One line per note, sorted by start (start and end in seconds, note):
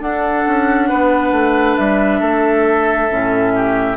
0.00 3.09 D4
0.00 0.44 D4
0.00 0.89 A4
0.00 1.76 F#5
0.47 0.91 C#4
0.89 1.32 B3
0.89 2.20 B4
1.32 1.76 A3
1.76 2.21 G3
1.76 3.97 E5
2.20 3.09 A3
2.20 3.53 A4
3.10 3.97 A2
3.10 3.97 C#4
3.55 3.97 G4